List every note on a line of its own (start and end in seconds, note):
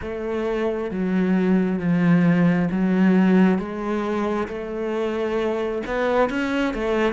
0.01 0.90 A3
0.90 1.79 F#3
1.79 2.68 F3
2.71 3.58 F#3
3.58 4.47 G#3
4.48 5.82 A3
5.86 6.29 B3
6.29 6.74 C#4
6.74 7.13 A3